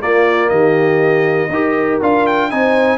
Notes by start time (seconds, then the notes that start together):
0.00 A#3 F4 D5
0.49 D#3 G4 D#5
1.49 D#4 G4 A#4
2.01 D4 F4 F5
2.26 G5
2.50 C4 D#4 C5 G#5